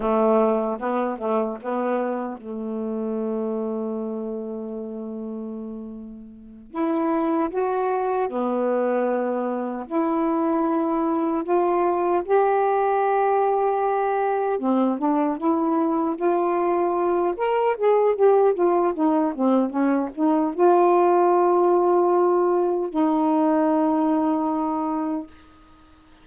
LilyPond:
\new Staff \with { instrumentName = "saxophone" } { \time 4/4 \tempo 4 = 76 a4 b8 a8 b4 a4~ | a1~ | a8 e'4 fis'4 b4.~ | b8 e'2 f'4 g'8~ |
g'2~ g'8 c'8 d'8 e'8~ | e'8 f'4. ais'8 gis'8 g'8 f'8 | dis'8 c'8 cis'8 dis'8 f'2~ | f'4 dis'2. | }